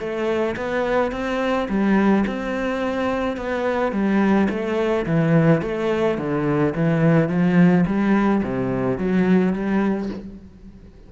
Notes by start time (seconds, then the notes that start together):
0.00 A3
0.57 B3
1.12 C4
1.69 G3
2.27 C4
3.37 B3
3.92 G3
4.50 A3
5.06 E3
5.62 A3
6.18 D3
6.76 E3
7.29 F3
7.87 G3
8.44 C3
8.98 F#3
9.54 G3